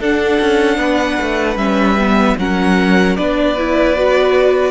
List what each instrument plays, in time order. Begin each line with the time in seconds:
0.00 cello D4, viola D4, violin A4 F#5
0.41 cello C#4
0.78 cello B3, violin B4
1.21 cello A3
1.56 cello G3, viola C#4, violin E5
1.99 viola B3
2.38 cello F#3, viola C#4, violin A#4 F#5
3.16 cello B3, viola D4, violin B4 D5
3.57 viola E4
3.96 viola F#4